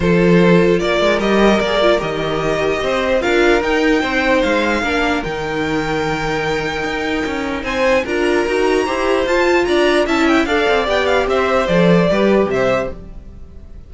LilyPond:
<<
  \new Staff \with { instrumentName = "violin" } { \time 4/4 \tempo 4 = 149 c''2 d''4 dis''4 | d''4 dis''2. | f''4 g''2 f''4~ | f''4 g''2.~ |
g''2. gis''4 | ais''2. a''4 | ais''4 a''8 g''8 f''4 g''8 f''8 | e''4 d''2 e''4 | }
  \new Staff \with { instrumentName = "violin" } { \time 4/4 a'2 ais'2~ | ais'2. c''4 | ais'2 c''2 | ais'1~ |
ais'2. c''4 | ais'2 c''2 | d''4 e''4 d''2 | c''2 b'4 c''4 | }
  \new Staff \with { instrumentName = "viola" } { \time 4/4 f'2. g'4 | gis'8 f'8 g'2. | f'4 dis'2. | d'4 dis'2.~ |
dis'1 | f'4 fis'4 g'4 f'4~ | f'4 e'4 a'4 g'4~ | g'4 a'4 g'2 | }
  \new Staff \with { instrumentName = "cello" } { \time 4/4 f2 ais8 gis8 g4 | ais4 dis2 c'4 | d'4 dis'4 c'4 gis4 | ais4 dis2.~ |
dis4 dis'4 cis'4 c'4 | d'4 dis'4 e'4 f'4 | d'4 cis'4 d'8 c'8 b4 | c'4 f4 g4 c4 | }
>>